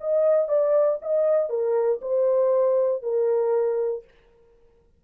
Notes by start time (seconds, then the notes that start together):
0.00 D#5
0.48 D5
1.01 D#5
1.49 A#4
2.01 C5
3.02 A#4